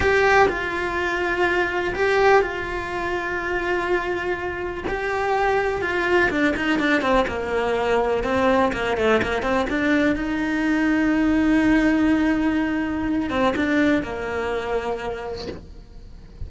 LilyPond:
\new Staff \with { instrumentName = "cello" } { \time 4/4 \tempo 4 = 124 g'4 f'2. | g'4 f'2.~ | f'2 g'2 | f'4 d'8 dis'8 d'8 c'8 ais4~ |
ais4 c'4 ais8 a8 ais8 c'8 | d'4 dis'2.~ | dis'2.~ dis'8 c'8 | d'4 ais2. | }